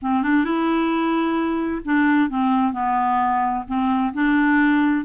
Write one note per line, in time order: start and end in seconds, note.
0.02 0.22 C4
0.22 0.44 D4
0.44 1.82 E4
1.84 2.29 D4
2.29 2.73 C4
2.73 3.64 B3
3.67 4.13 C4
4.13 5.05 D4